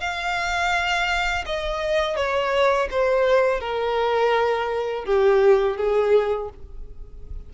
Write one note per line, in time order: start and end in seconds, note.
0.00 1.45 F5
1.46 2.16 D#5
2.16 2.88 C#5
2.91 3.60 C5
3.60 5.05 A#4
5.05 5.77 G4
5.77 6.49 G#4